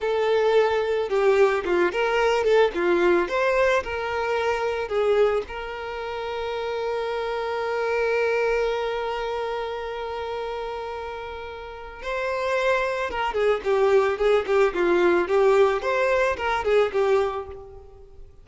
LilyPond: \new Staff \with { instrumentName = "violin" } { \time 4/4 \tempo 4 = 110 a'2 g'4 f'8 ais'8~ | ais'8 a'8 f'4 c''4 ais'4~ | ais'4 gis'4 ais'2~ | ais'1~ |
ais'1~ | ais'2 c''2 | ais'8 gis'8 g'4 gis'8 g'8 f'4 | g'4 c''4 ais'8 gis'8 g'4 | }